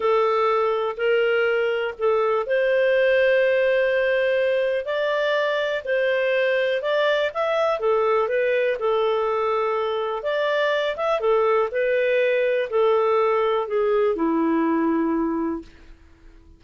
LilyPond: \new Staff \with { instrumentName = "clarinet" } { \time 4/4 \tempo 4 = 123 a'2 ais'2 | a'4 c''2.~ | c''2 d''2 | c''2 d''4 e''4 |
a'4 b'4 a'2~ | a'4 d''4. e''8 a'4 | b'2 a'2 | gis'4 e'2. | }